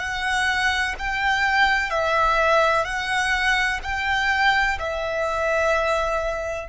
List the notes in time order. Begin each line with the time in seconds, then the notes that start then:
0.00 F#5
0.99 G5
1.90 E5
2.85 F#5
3.84 G5
4.80 E5